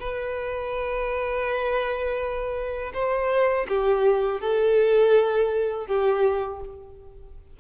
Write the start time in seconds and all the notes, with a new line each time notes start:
0.00 B4
2.94 C5
3.69 G4
4.41 A4
5.87 G4